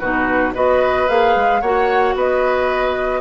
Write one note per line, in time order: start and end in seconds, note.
0.00 0.55 B2
0.00 0.54 D#4
0.00 0.54 F#4
0.00 0.54 B4
0.54 1.09 B3
0.54 1.08 F#4
0.54 1.62 B4
0.54 1.09 D#5
1.08 1.36 A#3
1.08 1.62 G#4
1.08 1.61 F5
1.36 1.62 G#3
1.61 2.15 A#3
1.61 3.21 F#4
1.61 2.15 C#5
1.61 2.15 F#5
2.15 3.21 B3
2.15 3.21 B4
2.15 3.21 D#5